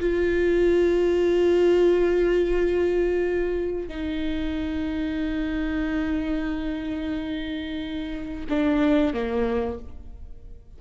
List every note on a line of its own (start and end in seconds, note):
0.00 3.88 F4
3.88 8.45 D#4
8.49 9.13 D4
9.13 9.79 A#3